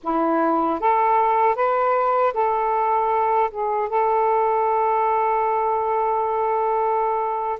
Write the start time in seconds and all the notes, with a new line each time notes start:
0.03 E4
0.80 A4
1.55 B4
2.33 A4
3.51 G#4
3.89 A4